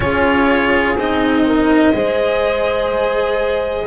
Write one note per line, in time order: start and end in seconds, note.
0.00 0.95 C#4
0.00 0.96 F4
0.00 1.46 G#4
0.00 0.96 C#5
0.95 1.92 C4
0.95 1.93 D#4
0.95 3.86 D#5
1.46 1.94 A#4
1.93 3.86 G#3
1.93 3.86 G#4
1.93 3.86 C5